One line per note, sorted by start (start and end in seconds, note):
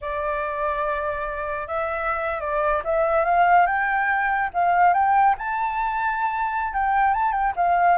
0.01 1.67 D5
1.67 2.40 E5
2.40 2.82 D5
2.84 3.24 E5
3.24 3.66 F5
3.66 4.50 G5
4.53 4.93 F5
4.93 5.35 G5
5.37 6.73 A5
6.73 7.13 G5
7.13 7.32 A5
7.32 7.53 G5
7.56 7.97 F5